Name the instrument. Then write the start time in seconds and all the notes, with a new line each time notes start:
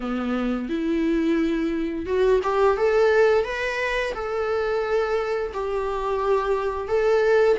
viola
0.00 B3
0.69 E4
2.06 F#4
2.43 G4
2.77 A4
3.44 B4
4.14 A4
5.53 G4
6.88 A4